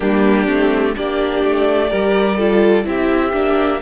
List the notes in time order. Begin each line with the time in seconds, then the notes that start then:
0.00 G3 A#3 D4 G4
0.46 A3 C4
0.96 A#3 D4 G4 D5
1.43 A3
1.87 G3 G4 A#4
2.37 F4 A4
2.84 C4 E4 G4 E5
3.32 A#3 D4